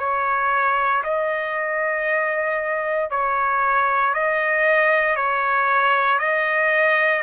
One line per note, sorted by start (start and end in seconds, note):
0.00 1.03 C#5
1.04 3.11 D#5
3.11 4.14 C#5
4.14 5.17 D#5
5.17 6.19 C#5
6.19 7.23 D#5